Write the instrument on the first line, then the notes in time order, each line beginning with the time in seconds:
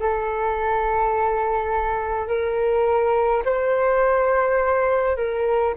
flute
0.00 A4
2.28 A#4
3.46 C5
5.17 A#4